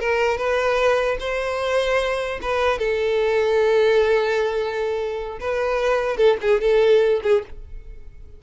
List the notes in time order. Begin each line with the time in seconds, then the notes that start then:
0.00 A#4
0.38 B4
1.20 C5
2.42 B4
2.79 A4
5.40 B4
6.17 A4
6.42 G#4
6.61 A4
7.23 G#4